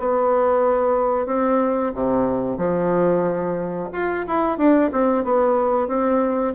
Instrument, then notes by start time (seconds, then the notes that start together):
bassoon
0.00 B3
1.26 C4
1.95 C3
2.58 F3
3.93 F4
4.28 E4
4.58 D4
4.92 C4
5.24 B3
5.88 C4